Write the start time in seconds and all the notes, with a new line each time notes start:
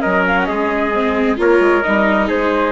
0.00 F#3 C#4 A#4 D#5
0.27 F5
0.38 F#5
0.45 G#3 G#4 D#5
0.93 C4
1.36 A#3 F4 A#4 C#5
1.59 G#3
1.82 G3 D#4 D#5
2.28 G#3 G#4 C5